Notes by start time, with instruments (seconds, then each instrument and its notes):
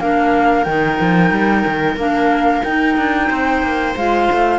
0.00 cello A#3, clarinet D4, viola A#4, flute F5
0.64 cello D#3, clarinet D#4, flute G5
1.01 cello F3
1.31 cello G3
1.66 cello D#3
1.96 cello A#3, clarinet D4, flute F5
2.63 cello D#4, clarinet D#4, flute G5
2.97 cello D4
3.28 cello C4, viola C5
3.62 cello A#3
3.96 cello G#3, clarinet F4, flute F5
4.32 cello A3